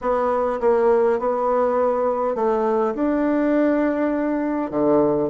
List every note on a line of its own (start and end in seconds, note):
0.01 0.59 B3
0.60 1.19 A#3
1.19 2.35 B3
2.35 2.94 A3
2.94 4.71 D4
4.71 5.29 D3